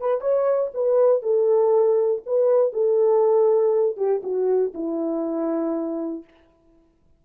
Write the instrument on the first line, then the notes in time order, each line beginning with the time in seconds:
horn
0.00 B4
0.21 C#5
0.74 B4
1.22 A4
2.26 B4
2.73 A4
3.97 G4
4.23 F#4
4.74 E4